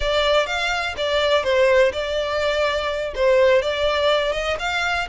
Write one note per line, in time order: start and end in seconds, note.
0.00 0.46 D5
0.46 0.94 F5
0.97 1.43 D5
1.43 1.92 C5
1.92 3.13 D5
3.15 3.62 C5
3.62 4.32 D5
4.32 4.56 D#5
4.59 5.07 F5